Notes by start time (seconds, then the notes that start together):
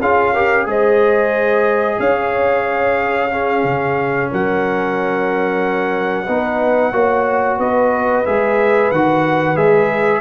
0.00 C#4 F4 G#4 F5
0.33 G4 A#4
0.66 G#3 G#4 C5 D#5
1.99 C#4 C#5 F5
3.30 C#4 G#4
3.64 C#3
4.30 F#3 A#4 F#5
6.25 B3 D#4 B4
6.92 A#3 F#4 C#5
7.58 B3 B4 D#5
8.25 G#3 G#4 E5
8.91 D#3 F#4 F#5
9.56 G#3 G#4 E5